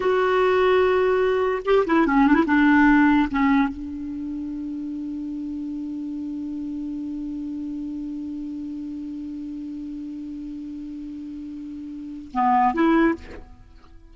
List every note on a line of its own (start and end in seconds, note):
0.00 1.62 F#4
1.65 1.85 G4
1.86 2.06 E4
2.07 2.27 C#4
2.27 2.34 D4
2.34 2.44 E4
2.46 3.28 D4
3.30 3.68 C#4
3.68 12.31 D4
12.33 12.73 B3
12.73 13.15 E4